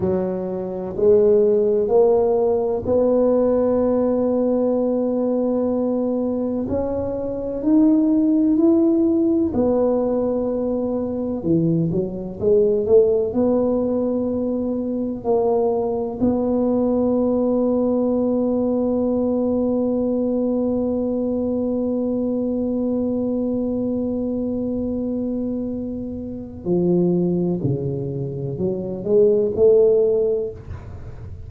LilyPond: \new Staff \with { instrumentName = "tuba" } { \time 4/4 \tempo 4 = 63 fis4 gis4 ais4 b4~ | b2. cis'4 | dis'4 e'4 b2 | e8 fis8 gis8 a8 b2 |
ais4 b2.~ | b1~ | b1 | f4 cis4 fis8 gis8 a4 | }